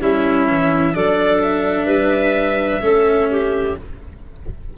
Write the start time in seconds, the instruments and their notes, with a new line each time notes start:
0.00 tuba G3, cello C#4, clarinet E4, violin E5
0.47 tuba E3
0.93 tuba F#3, cello D4, clarinet A4, violin D5
1.42 violin E5
1.85 tuba G3, clarinet B4
2.81 tuba A3, cello C#4, clarinet A4
3.30 clarinet G4